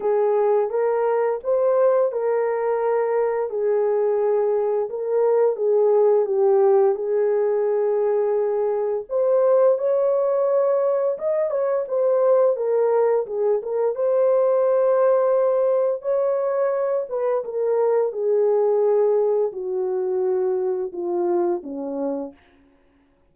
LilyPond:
\new Staff \with { instrumentName = "horn" } { \time 4/4 \tempo 4 = 86 gis'4 ais'4 c''4 ais'4~ | ais'4 gis'2 ais'4 | gis'4 g'4 gis'2~ | gis'4 c''4 cis''2 |
dis''8 cis''8 c''4 ais'4 gis'8 ais'8 | c''2. cis''4~ | cis''8 b'8 ais'4 gis'2 | fis'2 f'4 cis'4 | }